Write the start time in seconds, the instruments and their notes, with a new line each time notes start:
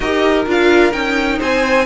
0.00 cello D#4, viola G4, violin A#4 D#5
0.46 cello D4, viola F4, violin F5
0.91 cello C#4, viola D#4, violin G5
1.38 cello C4, violin C5 G#5